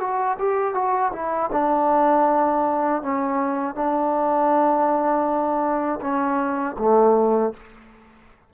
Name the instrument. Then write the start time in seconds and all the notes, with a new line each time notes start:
trombone
0.00 F#4
0.39 G4
0.74 F#4
1.12 E4
1.52 D4
3.02 C#4
3.75 D4
6.01 C#4
6.78 A3